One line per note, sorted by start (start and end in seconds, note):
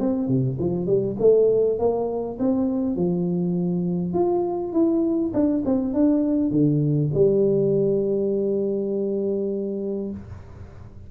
0.00 0.28 C4
0.28 0.58 C3
0.60 0.87 F3
0.87 1.17 G3
1.20 1.79 A3
1.79 2.39 A#3
2.40 2.96 C4
2.96 4.14 F3
4.14 4.73 F4
4.73 5.33 E4
5.34 5.64 D4
5.66 5.94 C4
5.94 6.51 D4
6.51 7.11 D3
7.14 10.12 G3